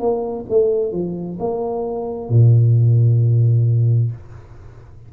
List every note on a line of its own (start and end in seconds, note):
0.00 0.45 A#3
0.50 0.93 A3
0.93 1.38 F3
1.40 2.30 A#3
2.30 4.12 A#2